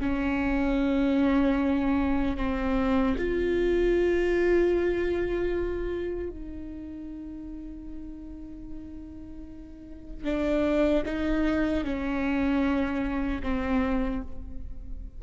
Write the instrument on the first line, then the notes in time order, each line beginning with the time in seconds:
viola
0.00 C#4
2.36 C4
3.18 F4
6.30 D#4
10.24 D4
11.05 D#4
11.84 C#4
13.42 C4